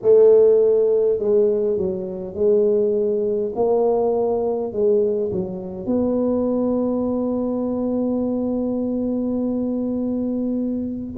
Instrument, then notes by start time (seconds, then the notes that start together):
tuba
0.02 A3
1.18 G#3
1.76 F#3
2.34 G#3
3.55 A#3
4.72 G#3
5.31 F#3
5.86 B3